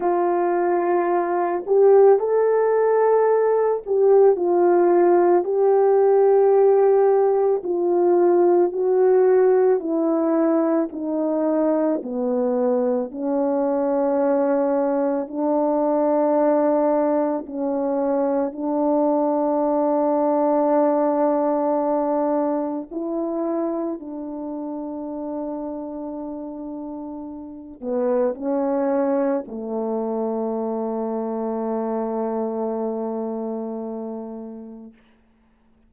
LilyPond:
\new Staff \with { instrumentName = "horn" } { \time 4/4 \tempo 4 = 55 f'4. g'8 a'4. g'8 | f'4 g'2 f'4 | fis'4 e'4 dis'4 b4 | cis'2 d'2 |
cis'4 d'2.~ | d'4 e'4 d'2~ | d'4. b8 cis'4 a4~ | a1 | }